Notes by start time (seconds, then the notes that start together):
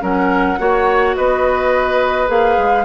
0.00 F#3 C#4 A#4 F#5
0.58 A#3 F#4 C#5
1.16 B3 B4 D#5
2.27 A#3 G#4 F5
2.58 G#3